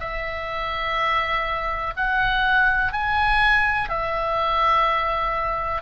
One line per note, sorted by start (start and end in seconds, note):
0.00 1.94 E5
1.96 2.92 F#5
2.92 3.89 G#5
3.89 5.82 E5